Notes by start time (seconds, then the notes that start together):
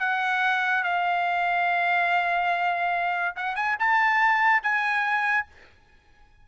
0.00 F#5
0.84 F5
3.36 F#5
3.56 G#5
3.80 A5
4.63 G#5